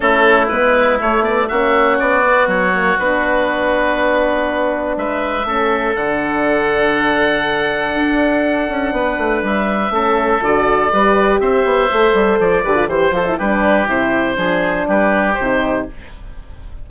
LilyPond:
<<
  \new Staff \with { instrumentName = "oboe" } { \time 4/4 \tempo 4 = 121 a'4 b'4 cis''8 d''8 e''4 | d''4 cis''4 b'2~ | b'2 e''2 | fis''1~ |
fis''2. e''4~ | e''4 d''2 e''4~ | e''4 d''4 c''8 a'8 b'4 | c''2 b'4 c''4 | }
  \new Staff \with { instrumentName = "oboe" } { \time 4/4 e'2. fis'4~ | fis'1~ | fis'2 b'4 a'4~ | a'1~ |
a'2 b'2 | a'2 b'4 c''4~ | c''4. b'8 c''4 g'4~ | g'4 gis'4 g'2 | }
  \new Staff \with { instrumentName = "horn" } { \time 4/4 cis'4 b4 a8 b8 cis'4~ | cis'8 b4 ais8 d'2~ | d'2. cis'4 | d'1~ |
d'1 | cis'4 fis'4 g'2 | a'4. g'16 f'16 g'8 f'16 e'16 d'4 | e'4 d'2 dis'4 | }
  \new Staff \with { instrumentName = "bassoon" } { \time 4/4 a4 gis4 a4 ais4 | b4 fis4 b2~ | b2 gis4 a4 | d1 |
d'4. cis'8 b8 a8 g4 | a4 d4 g4 c'8 b8 | a8 g8 f8 d8 e8 f8 g4 | c4 f4 g4 c4 | }
>>